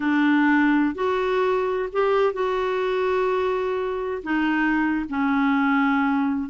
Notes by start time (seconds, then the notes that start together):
0.00 D4
0.94 F#4
1.92 G4
2.33 F#4
4.23 D#4
5.09 C#4